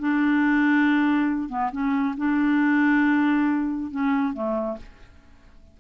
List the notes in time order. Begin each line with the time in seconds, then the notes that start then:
0.00 D4
1.49 B3
1.72 C#4
2.17 D4
3.92 C#4
4.34 A3